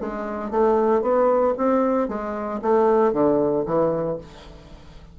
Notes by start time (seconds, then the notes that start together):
0.00 G#3
0.50 A3
1.02 B3
1.57 C4
2.08 G#3
2.61 A3
3.12 D3
3.65 E3